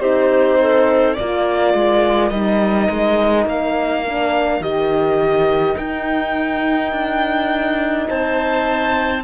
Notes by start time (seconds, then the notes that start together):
0.00 C4 D#4 G4 C5
0.60 A4
1.14 A#3 F4 A#4 D5
1.74 G#3
2.30 G3 D#4 D#5
2.90 G#3
3.46 A#3 F5
4.06 D4
4.60 D#3 G4 D#5
5.77 D#4 G5
6.92 D4
8.08 C4 C5 A5